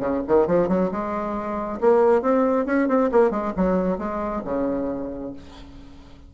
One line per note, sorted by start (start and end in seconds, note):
0.00 0.22 C#3
0.27 0.47 D#3
0.47 0.68 F3
0.68 0.90 F#3
0.91 1.80 G#3
1.81 2.22 A#3
2.22 2.66 C4
2.66 2.88 C#4
2.88 3.10 C4
3.12 3.31 A#3
3.31 3.53 G#3
3.57 3.98 F#3
3.98 4.42 G#3
4.45 5.33 C#3